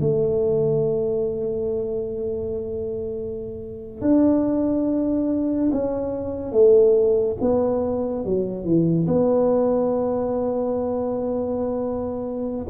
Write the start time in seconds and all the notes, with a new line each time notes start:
0.00 A3
4.01 D4
5.72 C#4
6.52 A3
7.41 B3
8.25 F#3
8.64 E3
9.07 B3